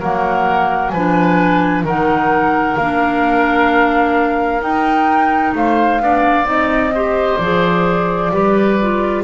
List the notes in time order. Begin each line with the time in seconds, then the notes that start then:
0.00 F#3 A#3 A#4 F#5
0.90 F3 B4 G#5
0.97 D4
1.84 D#3 D#4 A#4 F#5
2.77 A#3 D4 F5
4.62 D#4 G5
5.55 A3 C5 F5
6.01 B3 D4 D5
6.45 C4 D#4 D#5
6.95 G4 C5
7.38 F3 G#4 D5
8.32 G3 G4 B4
8.82 F4